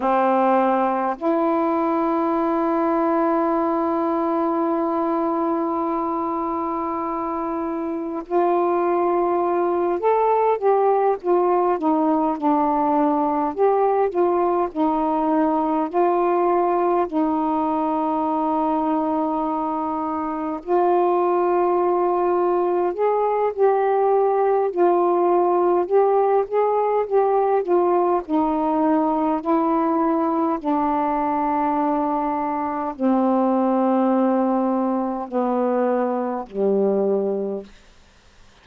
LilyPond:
\new Staff \with { instrumentName = "saxophone" } { \time 4/4 \tempo 4 = 51 c'4 e'2.~ | e'2. f'4~ | f'8 a'8 g'8 f'8 dis'8 d'4 g'8 | f'8 dis'4 f'4 dis'4.~ |
dis'4. f'2 gis'8 | g'4 f'4 g'8 gis'8 g'8 f'8 | dis'4 e'4 d'2 | c'2 b4 g4 | }